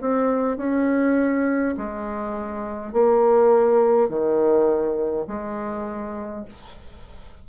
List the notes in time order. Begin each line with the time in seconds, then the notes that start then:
0.00 C4
0.57 C#4
1.77 G#3
2.93 A#3
4.09 D#3
5.27 G#3